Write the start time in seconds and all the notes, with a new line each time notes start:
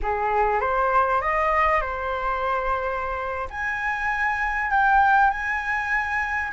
0.02 G#4
0.60 C5
1.21 D#5
1.81 C5
3.50 G#5
4.70 G5
5.30 G#5